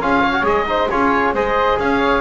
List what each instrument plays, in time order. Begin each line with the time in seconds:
0.00 double bass C#4, trombone F4, flute G#4, oboe F5
0.21 flute C#5
0.32 trombone F#4
0.42 double bass G#3, trombone G#4, oboe D#5
0.66 trombone D#4, flute C5
0.89 double bass C#4, trombone F4, flute G#4, oboe C#5
1.33 double bass G#3, trombone G#4, flute C5, oboe D#5
1.78 double bass C#4, flute C#5, oboe F5